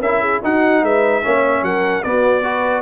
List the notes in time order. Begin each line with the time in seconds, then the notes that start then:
0.00 C#4 E4 A#4 E5
0.21 G#4
0.44 D#4 F#4 F#5
0.83 G#3 B4 E5
1.23 A#3 C#4 C#5
1.62 F#3 A#4 F#5
2.03 B3 F#4 D5
2.44 F#4 B4